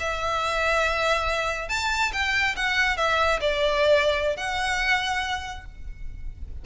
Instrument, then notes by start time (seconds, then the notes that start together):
violin
0.00 E5
1.69 A5
2.13 G5
2.57 F#5
2.97 E5
3.41 D5
4.37 F#5